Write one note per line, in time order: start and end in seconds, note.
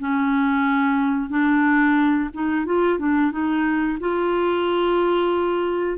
0.00 1.30 C#4
1.30 2.30 D4
2.34 2.66 D#4
2.66 2.99 F4
2.99 3.32 D4
3.32 3.98 D#4
4.00 5.98 F4